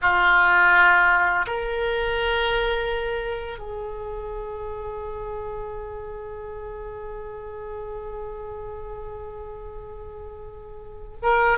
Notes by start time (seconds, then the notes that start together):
0.01 F4
1.47 A#4
3.58 G#4
11.22 A#4